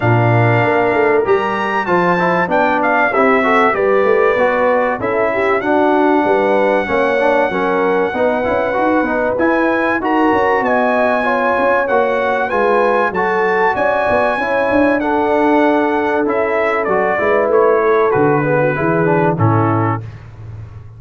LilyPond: <<
  \new Staff \with { instrumentName = "trumpet" } { \time 4/4 \tempo 4 = 96 f''2 ais''4 a''4 | g''8 f''8 e''4 d''2 | e''4 fis''2.~ | fis''2. gis''4 |
ais''4 gis''2 fis''4 | gis''4 a''4 gis''2 | fis''2 e''4 d''4 | cis''4 b'2 a'4 | }
  \new Staff \with { instrumentName = "horn" } { \time 4/4 ais'2. c''4 | d''4 g'8 a'8 b'2 | a'8 g'8 fis'4 b'4 cis''4 | ais'4 b'2. |
ais'4 dis''4 cis''2 | b'4 a'4 d''4 cis''4 | a'2.~ a'8 b'8~ | b'8 a'4 gis'16 fis'16 gis'4 e'4 | }
  \new Staff \with { instrumentName = "trombone" } { \time 4/4 d'2 g'4 f'8 e'8 | d'4 e'8 fis'8 g'4 fis'4 | e'4 d'2 cis'8 d'8 | cis'4 dis'8 e'8 fis'8 dis'8 e'4 |
fis'2 f'4 fis'4 | f'4 fis'2 e'4 | d'2 e'4 fis'8 e'8~ | e'4 fis'8 b8 e'8 d'8 cis'4 | }
  \new Staff \with { instrumentName = "tuba" } { \time 4/4 ais,4 ais8 a8 g4 f4 | b4 c'4 g8 a8 b4 | cis'4 d'4 g4 ais4 | fis4 b8 cis'8 dis'8 b8 e'4 |
dis'8 cis'8 b4. cis'8 ais4 | gis4 fis4 cis'8 b8 cis'8 d'8~ | d'2 cis'4 fis8 gis8 | a4 d4 e4 a,4 | }
>>